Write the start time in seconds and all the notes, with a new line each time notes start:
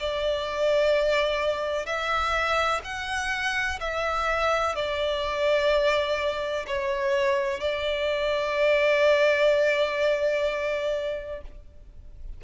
0.00 D5
1.86 E5
2.84 F#5
3.80 E5
4.75 D5
6.67 C#5
7.60 D5